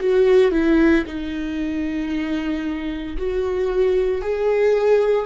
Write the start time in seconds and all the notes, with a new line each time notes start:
0.00 F#4
0.52 E4
1.07 D#4
3.18 F#4
4.22 G#4